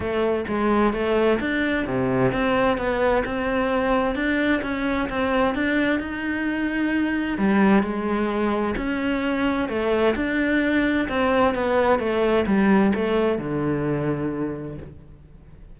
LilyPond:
\new Staff \with { instrumentName = "cello" } { \time 4/4 \tempo 4 = 130 a4 gis4 a4 d'4 | c4 c'4 b4 c'4~ | c'4 d'4 cis'4 c'4 | d'4 dis'2. |
g4 gis2 cis'4~ | cis'4 a4 d'2 | c'4 b4 a4 g4 | a4 d2. | }